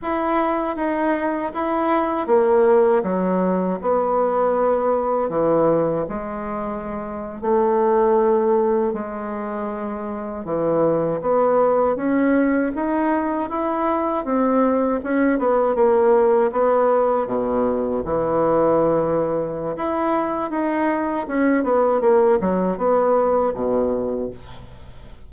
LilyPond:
\new Staff \with { instrumentName = "bassoon" } { \time 4/4 \tempo 4 = 79 e'4 dis'4 e'4 ais4 | fis4 b2 e4 | gis4.~ gis16 a2 gis16~ | gis4.~ gis16 e4 b4 cis'16~ |
cis'8. dis'4 e'4 c'4 cis'16~ | cis'16 b8 ais4 b4 b,4 e16~ | e2 e'4 dis'4 | cis'8 b8 ais8 fis8 b4 b,4 | }